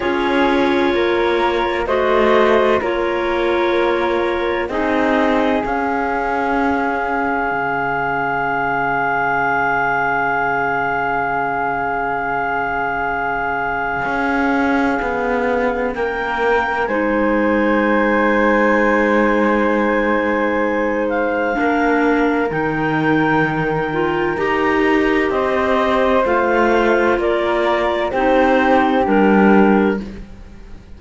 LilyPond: <<
  \new Staff \with { instrumentName = "clarinet" } { \time 4/4 \tempo 4 = 64 cis''2 dis''4 cis''4~ | cis''4 dis''4 f''2~ | f''1~ | f''1~ |
f''4 g''4 gis''2~ | gis''2~ gis''8 f''4. | g''2 ais''4 dis''4 | f''4 d''4 c''4 ais'4 | }
  \new Staff \with { instrumentName = "flute" } { \time 4/4 gis'4 ais'4 c''4 ais'4~ | ais'4 gis'2.~ | gis'1~ | gis'1~ |
gis'4 ais'4 c''2~ | c''2. ais'4~ | ais'2. c''4~ | c''4 ais'4 g'2 | }
  \new Staff \with { instrumentName = "clarinet" } { \time 4/4 f'2 fis'4 f'4~ | f'4 dis'4 cis'2~ | cis'1~ | cis'1~ |
cis'2 dis'2~ | dis'2. d'4 | dis'4. f'8 g'2 | f'2 dis'4 d'4 | }
  \new Staff \with { instrumentName = "cello" } { \time 4/4 cis'4 ais4 a4 ais4~ | ais4 c'4 cis'2 | cis1~ | cis2. cis'4 |
b4 ais4 gis2~ | gis2. ais4 | dis2 dis'4 c'4 | a4 ais4 c'4 g4 | }
>>